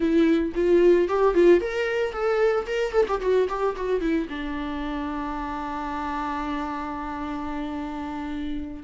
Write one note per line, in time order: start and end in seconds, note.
0.00 0.52 E4
0.55 1.08 F4
1.08 1.34 G4
1.34 1.60 F4
1.60 2.12 A#4
2.12 2.66 A4
2.66 2.92 A#4
2.92 3.05 A4
3.08 3.21 G4
3.21 3.48 F#4
3.48 3.75 G4
3.76 4.00 F#4
4.00 4.27 E4
4.29 8.83 D4